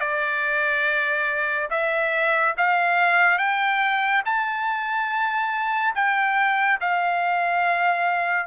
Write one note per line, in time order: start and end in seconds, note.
0.00 1.69 D5
1.70 2.55 E5
2.57 3.38 F5
3.38 4.23 G5
4.25 5.94 A5
5.95 6.80 G5
6.80 8.47 F5